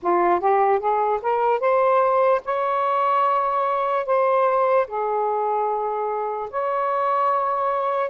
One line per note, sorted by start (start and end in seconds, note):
0.02 0.40 F4
0.40 0.79 G4
0.79 1.20 G#4
1.22 1.60 A#4
1.60 2.41 C5
2.44 4.05 C#5
4.05 4.86 C5
4.87 6.49 G#4
6.50 8.09 C#5